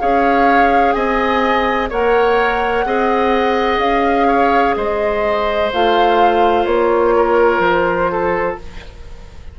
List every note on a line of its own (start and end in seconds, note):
0.00 0.95 C#4
0.00 1.90 G#4
0.00 0.95 C#5
0.00 0.93 F5
0.93 1.90 C4
0.93 1.90 D#5
0.93 1.88 G#5
1.90 2.85 A#3
1.90 2.86 A#4
1.90 2.85 C#5
1.90 3.80 F#5
2.85 3.78 C4
2.85 5.72 G#4
2.85 4.28 D#5
3.78 4.73 C#4
3.78 4.75 F5
4.28 4.75 C#5
4.76 5.72 G#3
4.76 7.15 C5
4.76 5.71 D#5
5.73 6.66 A3
5.73 8.59 F4
5.73 6.66 F5
6.66 7.59 A#3
6.66 7.61 C#5
7.17 8.12 A#4
7.59 8.55 F3
7.59 8.56 C5
8.12 8.59 A4